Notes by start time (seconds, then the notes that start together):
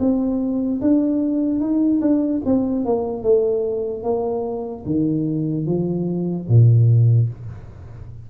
0.00 C4
0.81 D4
1.60 D#4
2.02 D4
2.45 C4
2.86 A#3
3.23 A3
4.04 A#3
4.86 D#3
5.66 F3
6.49 A#2